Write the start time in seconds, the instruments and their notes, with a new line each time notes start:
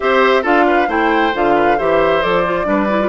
0.00 bassoon C4, clarinet G4, oboe C5, flute E5
0.42 bassoon D4, clarinet F4, oboe A4, flute F5
0.66 oboe B4
0.87 bassoon A3, clarinet E4, oboe C5, flute G5
1.33 bassoon D3, clarinet F4, flute F5
1.55 oboe B4
1.77 bassoon E3, clarinet G4, oboe C5, flute E5
2.22 bassoon F3, clarinet A4, flute D5
2.44 clarinet F4
2.64 bassoon G3, clarinet D4, oboe B4
2.89 clarinet E4
3.00 clarinet F4